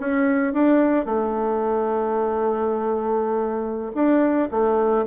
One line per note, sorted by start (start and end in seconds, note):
0.00 0.54 C#4
0.54 1.06 D4
1.06 3.92 A3
3.95 4.49 D4
4.51 5.06 A3